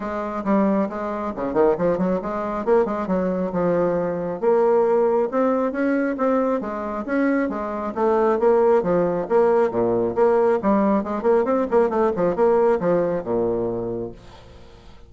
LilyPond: \new Staff \with { instrumentName = "bassoon" } { \time 4/4 \tempo 4 = 136 gis4 g4 gis4 cis8 dis8 | f8 fis8 gis4 ais8 gis8 fis4 | f2 ais2 | c'4 cis'4 c'4 gis4 |
cis'4 gis4 a4 ais4 | f4 ais4 ais,4 ais4 | g4 gis8 ais8 c'8 ais8 a8 f8 | ais4 f4 ais,2 | }